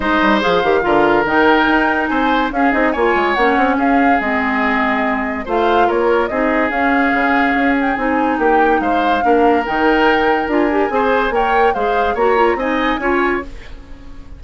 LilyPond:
<<
  \new Staff \with { instrumentName = "flute" } { \time 4/4 \tempo 4 = 143 dis''4 f''2 g''4~ | g''4 gis''4 f''8 dis''8 gis''4 | fis''4 f''4 dis''2~ | dis''4 f''4 cis''4 dis''4 |
f''2~ f''8 g''8 gis''4 | g''4 f''2 g''4~ | g''4 gis''2 g''4 | f''4 ais''4 gis''2 | }
  \new Staff \with { instrumentName = "oboe" } { \time 4/4 c''2 ais'2~ | ais'4 c''4 gis'4 cis''4~ | cis''4 gis'2.~ | gis'4 c''4 ais'4 gis'4~ |
gis'1 | g'4 c''4 ais'2~ | ais'2 c''4 cis''4 | c''4 cis''4 dis''4 cis''4 | }
  \new Staff \with { instrumentName = "clarinet" } { \time 4/4 dis'4 gis'8 g'8 f'4 dis'4~ | dis'2 cis'8 dis'8 f'4 | cis'2 c'2~ | c'4 f'2 dis'4 |
cis'2. dis'4~ | dis'2 d'4 dis'4~ | dis'4 f'8 g'8 gis'4 ais'4 | gis'4 fis'8 f'8 dis'4 f'4 | }
  \new Staff \with { instrumentName = "bassoon" } { \time 4/4 gis8 g8 f8 dis8 d4 dis4 | dis'4 c'4 cis'8 c'8 ais8 gis8 | ais8 c'8 cis'4 gis2~ | gis4 a4 ais4 c'4 |
cis'4 cis4 cis'4 c'4 | ais4 gis4 ais4 dis4~ | dis4 d'4 c'4 ais4 | gis4 ais4 c'4 cis'4 | }
>>